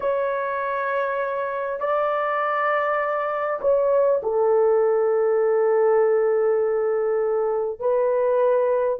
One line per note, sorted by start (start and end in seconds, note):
0.00 1.79 C#5
1.79 3.59 D5
3.61 4.21 C#5
4.22 7.79 A4
7.79 8.99 B4